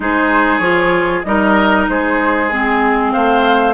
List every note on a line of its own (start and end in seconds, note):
0.00 0.59 G#3
0.00 0.61 D#4
0.00 1.26 G#4
0.00 0.58 C5
0.58 1.21 F3
0.58 1.24 F4
0.58 1.20 C#5
1.23 1.88 G3
1.23 2.50 D#4
1.23 1.90 A#4
1.23 1.85 D#5
1.88 3.13 G#3
1.88 3.12 G#4
1.88 2.49 C5
2.49 3.74 C4
2.49 3.11 G#4
3.11 3.74 A3
3.11 3.74 C5
3.11 3.74 F5